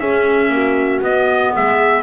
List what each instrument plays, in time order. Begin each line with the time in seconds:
0.00 double bass C#4, clarinet C#4, horn G#4, trumpet E5
0.49 double bass A#3, horn F#4
1.01 double bass B3, clarinet B3, trumpet D#5
1.56 double bass G#3, horn G#4, trumpet E5